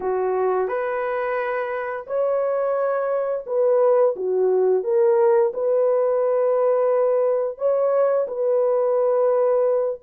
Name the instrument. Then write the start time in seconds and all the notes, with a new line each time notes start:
horn
0.00 F#4
0.67 B4
2.06 C#5
3.46 B4
4.16 F#4
4.83 A#4
5.53 B4
7.57 C#5
8.27 B4